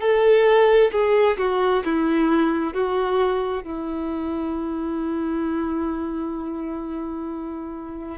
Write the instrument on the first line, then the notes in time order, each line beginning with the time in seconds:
violin
0.00 A4
0.91 G#4
1.37 F#4
1.85 E4
2.73 F#4
3.63 E4